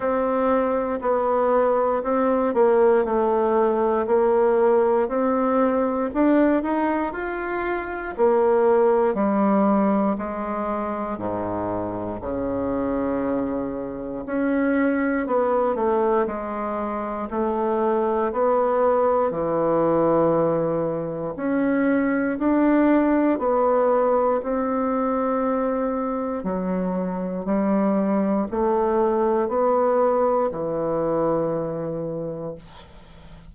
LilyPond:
\new Staff \with { instrumentName = "bassoon" } { \time 4/4 \tempo 4 = 59 c'4 b4 c'8 ais8 a4 | ais4 c'4 d'8 dis'8 f'4 | ais4 g4 gis4 gis,4 | cis2 cis'4 b8 a8 |
gis4 a4 b4 e4~ | e4 cis'4 d'4 b4 | c'2 fis4 g4 | a4 b4 e2 | }